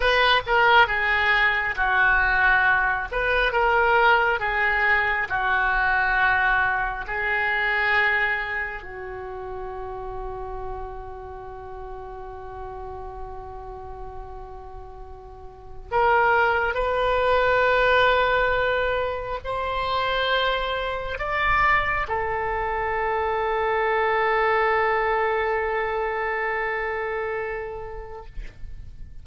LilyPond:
\new Staff \with { instrumentName = "oboe" } { \time 4/4 \tempo 4 = 68 b'8 ais'8 gis'4 fis'4. b'8 | ais'4 gis'4 fis'2 | gis'2 fis'2~ | fis'1~ |
fis'2 ais'4 b'4~ | b'2 c''2 | d''4 a'2.~ | a'1 | }